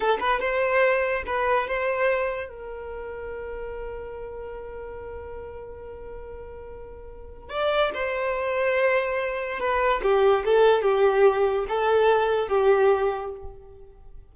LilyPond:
\new Staff \with { instrumentName = "violin" } { \time 4/4 \tempo 4 = 144 a'8 b'8 c''2 b'4 | c''2 ais'2~ | ais'1~ | ais'1~ |
ais'2 d''4 c''4~ | c''2. b'4 | g'4 a'4 g'2 | a'2 g'2 | }